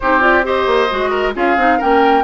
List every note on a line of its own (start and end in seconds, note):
0.00 0.66 C4
0.00 0.20 D#4
0.00 0.45 G4
0.00 0.22 C5
0.20 0.42 F4
0.20 0.44 D5
0.43 0.88 G4
0.43 1.10 C5
0.43 1.35 D#5
0.66 0.89 A#3
0.89 1.35 G#3
0.89 1.33 F#4
1.10 1.33 A#4
1.33 1.56 C#4
1.33 1.56 F4
1.33 1.78 G#4
1.33 1.81 F5
1.56 1.79 C4
1.56 1.79 D#4
1.78 2.23 A#3
1.78 2.23 C#4
1.78 2.23 A#4
1.78 2.23 G5